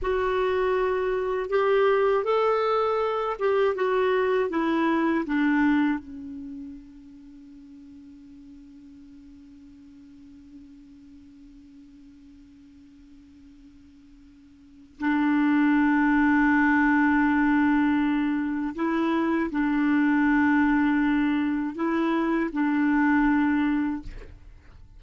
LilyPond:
\new Staff \with { instrumentName = "clarinet" } { \time 4/4 \tempo 4 = 80 fis'2 g'4 a'4~ | a'8 g'8 fis'4 e'4 d'4 | cis'1~ | cis'1~ |
cis'1 | d'1~ | d'4 e'4 d'2~ | d'4 e'4 d'2 | }